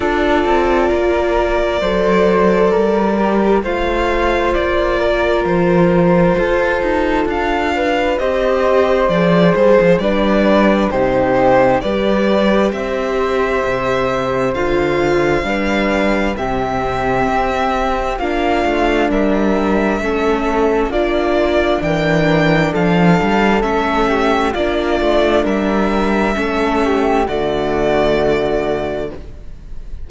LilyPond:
<<
  \new Staff \with { instrumentName = "violin" } { \time 4/4 \tempo 4 = 66 d''1 | f''4 d''4 c''2 | f''4 dis''4 d''8 c''8 d''4 | c''4 d''4 e''2 |
f''2 e''2 | f''4 e''2 d''4 | g''4 f''4 e''4 d''4 | e''2 d''2 | }
  \new Staff \with { instrumentName = "flute" } { \time 4/4 a'4 ais'4 c''4 ais'4 | c''4. ais'4. a'4~ | a'8 b'8 c''2 b'4 | g'4 b'4 c''2~ |
c''4 b'4 g'2 | f'4 ais'4 a'4 f'4 | ais'4 a'4. g'8 f'4 | ais'4 a'8 g'8 fis'2 | }
  \new Staff \with { instrumentName = "viola" } { \time 4/4 f'2 a'4. g'8 | f'1~ | f'4 g'4 gis'4 d'4 | dis'4 g'2. |
f'4 d'4 c'2 | d'2 cis'4 d'4~ | d'2 cis'4 d'4~ | d'4 cis'4 a2 | }
  \new Staff \with { instrumentName = "cello" } { \time 4/4 d'8 c'8 ais4 fis4 g4 | a4 ais4 f4 f'8 dis'8 | d'4 c'4 f8 g16 f16 g4 | c4 g4 c'4 c4 |
d4 g4 c4 c'4 | ais8 a8 g4 a4 ais4 | e4 f8 g8 a4 ais8 a8 | g4 a4 d2 | }
>>